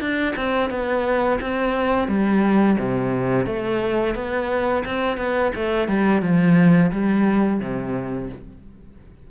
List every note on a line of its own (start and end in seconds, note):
0.00 0.34 D4
0.36 0.70 C4
0.70 1.39 B3
1.40 2.08 C4
2.08 2.77 G3
2.78 3.46 C3
3.46 4.14 A3
4.14 4.83 B3
4.85 5.17 C4
5.17 5.52 B3
5.55 5.88 A3
5.88 6.22 G3
6.22 6.91 F3
6.92 7.60 G3
7.60 8.29 C3